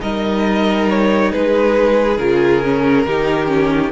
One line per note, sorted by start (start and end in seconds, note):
0.00 1.32 G3
0.00 2.17 D#4
0.00 1.32 A#4
0.00 0.88 D#5
0.89 1.32 C#5
1.32 2.18 G#3
1.32 3.05 G#4
1.32 2.17 B4
2.17 3.05 C#3
2.17 2.63 F4
2.17 3.91 A#4
2.63 3.07 C#4
3.05 3.91 D#3
3.05 3.46 D#4
3.05 3.91 G4
3.46 3.90 C#4